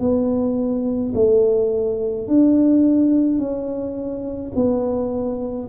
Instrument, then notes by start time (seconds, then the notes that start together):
tuba
0.00 B3
1.15 A3
2.28 D4
3.39 C#4
4.55 B3